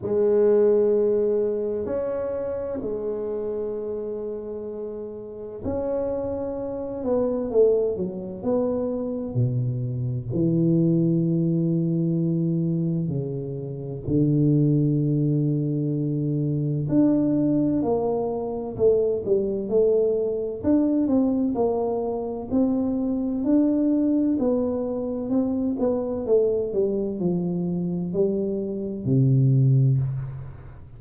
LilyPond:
\new Staff \with { instrumentName = "tuba" } { \time 4/4 \tempo 4 = 64 gis2 cis'4 gis4~ | gis2 cis'4. b8 | a8 fis8 b4 b,4 e4~ | e2 cis4 d4~ |
d2 d'4 ais4 | a8 g8 a4 d'8 c'8 ais4 | c'4 d'4 b4 c'8 b8 | a8 g8 f4 g4 c4 | }